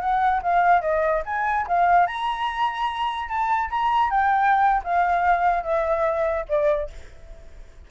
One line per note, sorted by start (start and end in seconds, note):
0.00 0.41 F#5
0.42 0.81 F5
0.81 1.22 D#5
1.25 1.66 G#5
1.67 2.06 F5
2.06 3.28 A#5
3.28 3.69 A5
3.70 4.10 A#5
4.10 4.82 G5
4.84 5.63 F5
5.63 6.45 E5
6.48 6.89 D5